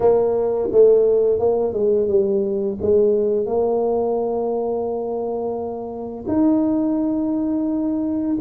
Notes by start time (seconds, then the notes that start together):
0.00 A#3
0.71 A3
1.39 A#3
1.73 G#3
2.08 G3
2.81 G#3
3.45 A#3
6.27 D#4